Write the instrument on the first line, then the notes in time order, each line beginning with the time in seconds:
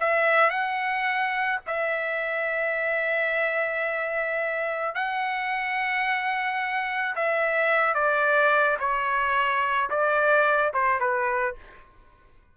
trumpet
0.00 E5
0.50 F#5
1.67 E5
4.95 F#5
7.16 E5
7.95 D5
8.79 C#5
9.90 D5
10.74 C5
11.00 B4